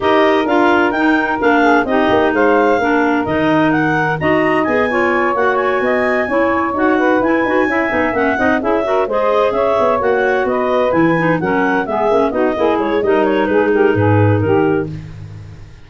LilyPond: <<
  \new Staff \with { instrumentName = "clarinet" } { \time 4/4 \tempo 4 = 129 dis''4 f''4 g''4 f''4 | dis''4 f''2 dis''4 | fis''4 ais''4 gis''4. fis''8 | gis''2~ gis''8 fis''4 gis''8~ |
gis''4. fis''4 e''4 dis''8~ | dis''8 e''4 fis''4 dis''4 gis''8~ | gis''8 fis''4 e''4 dis''4 cis''8 | dis''8 cis''8 b'8 ais'8 b'4 ais'4 | }
  \new Staff \with { instrumentName = "saxophone" } { \time 4/4 ais'2.~ ais'8 gis'8 | g'4 c''4 ais'2~ | ais'4 dis''4. cis''4.~ | cis''8 dis''4 cis''4. b'4~ |
b'8 e''4. dis''8 gis'8 ais'8 c''8~ | c''8 cis''2 b'4.~ | b'8 ais'4 gis'4 fis'8 gis'4 | ais'4 gis'8 g'8 gis'4 g'4 | }
  \new Staff \with { instrumentName = "clarinet" } { \time 4/4 g'4 f'4 dis'4 d'4 | dis'2 d'4 dis'4~ | dis'4 fis'4 gis'8 f'4 fis'8~ | fis'4. e'4 fis'4 e'8 |
fis'8 e'8 dis'8 cis'8 dis'8 e'8 fis'8 gis'8~ | gis'4. fis'2 e'8 | dis'8 cis'4 b8 cis'8 dis'8 e'4 | dis'1 | }
  \new Staff \with { instrumentName = "tuba" } { \time 4/4 dis'4 d'4 dis'4 ais4 | c'8 ais8 gis4 ais4 dis4~ | dis4 dis'4 b4. ais8~ | ais8 b4 cis'4 dis'4 e'8 |
dis'8 cis'8 b8 ais8 c'8 cis'4 gis8~ | gis8 cis'8 b8 ais4 b4 e8~ | e8 fis4 gis8 ais8 b8 ais8 gis8 | g4 gis4 gis,4 dis4 | }
>>